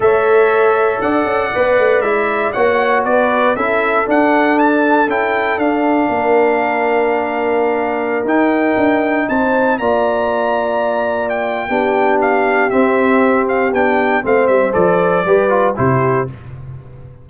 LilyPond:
<<
  \new Staff \with { instrumentName = "trumpet" } { \time 4/4 \tempo 4 = 118 e''2 fis''2 | e''4 fis''4 d''4 e''4 | fis''4 a''4 g''4 f''4~ | f''1~ |
f''16 g''2 a''4 ais''8.~ | ais''2~ ais''16 g''4.~ g''16 | f''4 e''4. f''8 g''4 | f''8 e''8 d''2 c''4 | }
  \new Staff \with { instrumentName = "horn" } { \time 4/4 cis''2 d''2~ | d''4 cis''4 b'4 a'4~ | a'1 | ais'1~ |
ais'2~ ais'16 c''4 d''8.~ | d''2. g'4~ | g'1 | c''2 b'4 g'4 | }
  \new Staff \with { instrumentName = "trombone" } { \time 4/4 a'2. b'4 | e'4 fis'2 e'4 | d'2 e'4 d'4~ | d'1~ |
d'16 dis'2. f'8.~ | f'2. d'4~ | d'4 c'2 d'4 | c'4 a'4 g'8 f'8 e'4 | }
  \new Staff \with { instrumentName = "tuba" } { \time 4/4 a2 d'8 cis'8 b8 a8 | gis4 ais4 b4 cis'4 | d'2 cis'4 d'4 | ais1~ |
ais16 dis'4 d'4 c'4 ais8.~ | ais2. b4~ | b4 c'2 b4 | a8 g8 f4 g4 c4 | }
>>